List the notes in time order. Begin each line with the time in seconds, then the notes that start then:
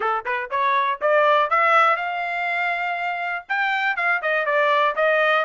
0.00 A4
0.25 B4
0.50 C#5
1.01 D5
1.50 E5
1.96 F5
3.48 G5
3.96 F5
4.21 D#5
4.45 D5
4.95 D#5